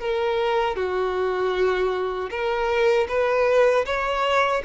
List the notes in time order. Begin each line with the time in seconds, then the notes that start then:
0.00 A#4
0.76 F#4
2.30 A#4
3.08 B4
3.86 C#5